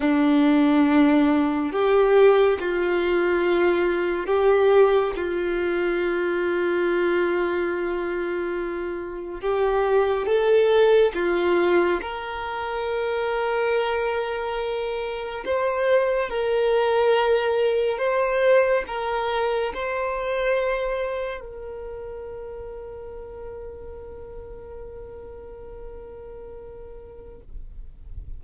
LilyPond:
\new Staff \with { instrumentName = "violin" } { \time 4/4 \tempo 4 = 70 d'2 g'4 f'4~ | f'4 g'4 f'2~ | f'2. g'4 | a'4 f'4 ais'2~ |
ais'2 c''4 ais'4~ | ais'4 c''4 ais'4 c''4~ | c''4 ais'2.~ | ais'1 | }